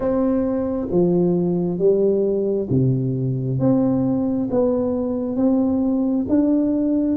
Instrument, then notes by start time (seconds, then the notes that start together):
tuba
0.00 C4
0.91 F3
1.78 G3
2.69 C3
3.59 C4
4.50 B3
5.36 C4
6.28 D4